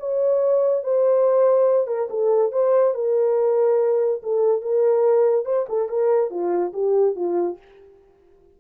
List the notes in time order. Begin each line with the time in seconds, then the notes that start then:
0.00 C#5
0.84 C5
1.88 A#4
2.10 A4
2.53 C5
2.95 A#4
4.23 A4
4.62 A#4
5.45 C5
5.69 A4
5.89 A#4
6.31 F4
6.74 G4
7.16 F4